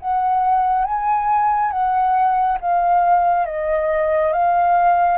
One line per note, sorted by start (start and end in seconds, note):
0.00 0.85 F#5
0.85 1.71 G#5
1.71 2.58 F#5
2.61 3.46 F5
3.46 4.32 D#5
4.32 5.17 F5